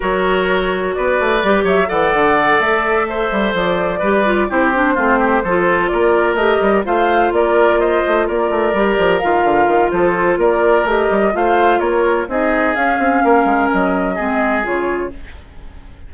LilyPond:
<<
  \new Staff \with { instrumentName = "flute" } { \time 4/4 \tempo 4 = 127 cis''2 d''4. e''8 | fis''4. e''2 d''8~ | d''4. c''2~ c''8~ | c''8 d''4 dis''4 f''4 d''8~ |
d''8 dis''4 d''2 f''8~ | f''4 c''4 d''4 dis''4 | f''4 cis''4 dis''4 f''4~ | f''4 dis''2 cis''4 | }
  \new Staff \with { instrumentName = "oboe" } { \time 4/4 ais'2 b'4. cis''8 | d''2~ d''8 c''4.~ | c''8 b'4 g'4 f'8 g'8 a'8~ | a'8 ais'2 c''4 ais'8~ |
ais'8 c''4 ais'2~ ais'8~ | ais'4 a'4 ais'2 | c''4 ais'4 gis'2 | ais'2 gis'2 | }
  \new Staff \with { instrumentName = "clarinet" } { \time 4/4 fis'2. g'4 | a'1~ | a'8 g'8 f'8 e'8 d'8 c'4 f'8~ | f'4. g'4 f'4.~ |
f'2~ f'8 g'4 f'8~ | f'2. g'4 | f'2 dis'4 cis'4~ | cis'2 c'4 f'4 | }
  \new Staff \with { instrumentName = "bassoon" } { \time 4/4 fis2 b8 a8 g8 fis8 | e8 d4 a4. g8 f8~ | f8 g4 c'4 a4 f8~ | f8 ais4 a8 g8 a4 ais8~ |
ais4 a8 ais8 a8 g8 f8 dis8 | d8 dis8 f4 ais4 a8 g8 | a4 ais4 c'4 cis'8 c'8 | ais8 gis8 fis4 gis4 cis4 | }
>>